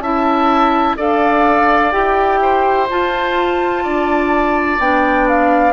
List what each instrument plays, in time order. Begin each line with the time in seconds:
0.00 bassoon C#4, clarinet E4, oboe E5, flute A5
0.97 bassoon D4, clarinet A4, oboe D5, flute F5
1.92 bassoon E4, clarinet G4, flute G5
2.42 oboe C5
2.90 clarinet F4, bassoon F4, flute A5
3.84 bassoon D4, oboe D5
4.79 bassoon B3, clarinet D4, flute G5
5.29 flute F5